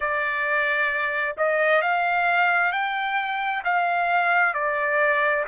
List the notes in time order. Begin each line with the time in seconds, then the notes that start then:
0.00 D5
1.37 D#5
1.81 F5
2.71 G5
3.64 F5
4.54 D5